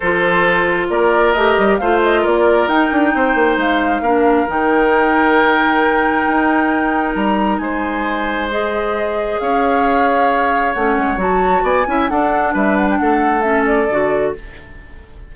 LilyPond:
<<
  \new Staff \with { instrumentName = "flute" } { \time 4/4 \tempo 4 = 134 c''2 d''4 dis''4 | f''8 dis''8 d''4 g''2 | f''2 g''2~ | g''1 |
ais''4 gis''2 dis''4~ | dis''4 f''2. | fis''4 a''4 gis''4 fis''4 | e''8 fis''16 g''16 fis''4 e''8 d''4. | }
  \new Staff \with { instrumentName = "oboe" } { \time 4/4 a'2 ais'2 | c''4 ais'2 c''4~ | c''4 ais'2.~ | ais'1~ |
ais'4 c''2.~ | c''4 cis''2.~ | cis''2 d''8 e''8 a'4 | b'4 a'2. | }
  \new Staff \with { instrumentName = "clarinet" } { \time 4/4 f'2. g'4 | f'2 dis'2~ | dis'4 d'4 dis'2~ | dis'1~ |
dis'2. gis'4~ | gis'1 | cis'4 fis'4. e'8 d'4~ | d'2 cis'4 fis'4 | }
  \new Staff \with { instrumentName = "bassoon" } { \time 4/4 f2 ais4 a8 g8 | a4 ais4 dis'8 d'8 c'8 ais8 | gis4 ais4 dis2~ | dis2 dis'2 |
g4 gis2.~ | gis4 cis'2. | a8 gis8 fis4 b8 cis'8 d'4 | g4 a2 d4 | }
>>